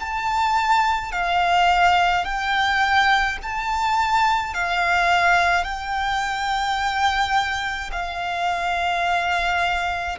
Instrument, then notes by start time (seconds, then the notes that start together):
violin
0.00 A5
1.12 F5
2.25 G5
3.43 A5
4.54 F5
5.64 G5
7.92 F5